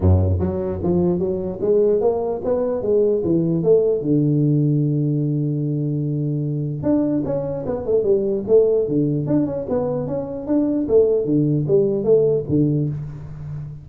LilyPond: \new Staff \with { instrumentName = "tuba" } { \time 4/4 \tempo 4 = 149 fis,4 fis4 f4 fis4 | gis4 ais4 b4 gis4 | e4 a4 d2~ | d1~ |
d4 d'4 cis'4 b8 a8 | g4 a4 d4 d'8 cis'8 | b4 cis'4 d'4 a4 | d4 g4 a4 d4 | }